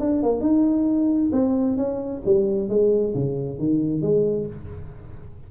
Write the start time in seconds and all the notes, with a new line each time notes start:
0.00 D4
0.23 A#3
0.41 D#4
1.32 C4
1.77 C#4
2.26 G3
2.69 G#3
3.15 C#3
3.59 D#3
4.02 G#3